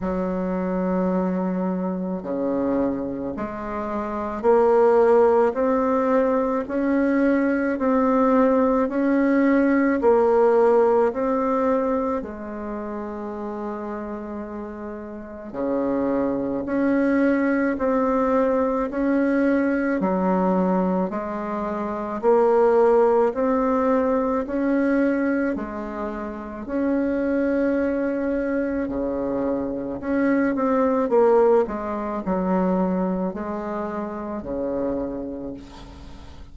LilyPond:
\new Staff \with { instrumentName = "bassoon" } { \time 4/4 \tempo 4 = 54 fis2 cis4 gis4 | ais4 c'4 cis'4 c'4 | cis'4 ais4 c'4 gis4~ | gis2 cis4 cis'4 |
c'4 cis'4 fis4 gis4 | ais4 c'4 cis'4 gis4 | cis'2 cis4 cis'8 c'8 | ais8 gis8 fis4 gis4 cis4 | }